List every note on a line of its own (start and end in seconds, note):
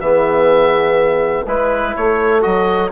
0.00 1.44 E3
0.00 1.46 B3
0.00 1.46 G#4
0.00 1.44 E5
1.46 1.94 G#3
1.46 2.41 E4
1.46 1.95 B4
1.96 2.45 A3
1.96 2.92 A4
1.96 2.42 C#5
2.41 2.92 F#3
2.41 2.89 F#4
2.41 2.90 D#5